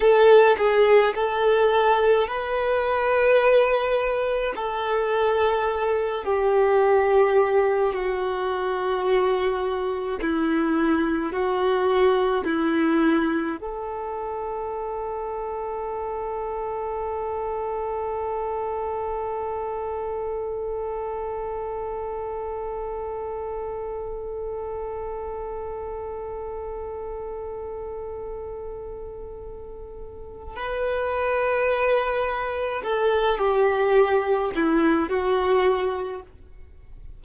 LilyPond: \new Staff \with { instrumentName = "violin" } { \time 4/4 \tempo 4 = 53 a'8 gis'8 a'4 b'2 | a'4. g'4. fis'4~ | fis'4 e'4 fis'4 e'4 | a'1~ |
a'1~ | a'1~ | a'2. b'4~ | b'4 a'8 g'4 e'8 fis'4 | }